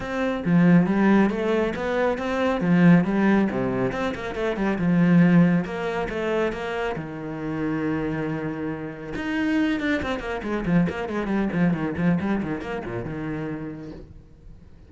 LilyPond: \new Staff \with { instrumentName = "cello" } { \time 4/4 \tempo 4 = 138 c'4 f4 g4 a4 | b4 c'4 f4 g4 | c4 c'8 ais8 a8 g8 f4~ | f4 ais4 a4 ais4 |
dis1~ | dis4 dis'4. d'8 c'8 ais8 | gis8 f8 ais8 gis8 g8 f8 dis8 f8 | g8 dis8 ais8 ais,8 dis2 | }